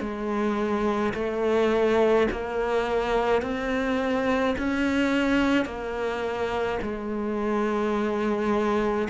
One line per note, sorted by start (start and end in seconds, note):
0.00 1.13 G#3
1.14 2.27 A3
2.32 3.42 A#3
3.42 4.55 C4
4.58 5.66 C#4
5.66 6.79 A#3
6.82 9.09 G#3